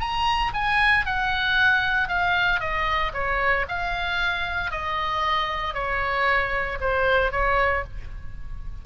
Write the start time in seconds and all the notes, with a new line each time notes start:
0.00 A#5
0.54 G#5
1.06 F#5
2.08 F5
2.60 D#5
3.14 C#5
3.68 F5
4.71 D#5
5.74 C#5
6.81 C5
7.32 C#5